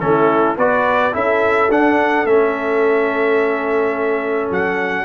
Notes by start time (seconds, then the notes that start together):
0.00 A3 C#4 E4 A4
0.57 B3 F#4 B4 D5
1.12 C#4 E4 A4 E5
1.70 D4 F#5
2.25 A3 C#4 E5
4.51 F#3 F#5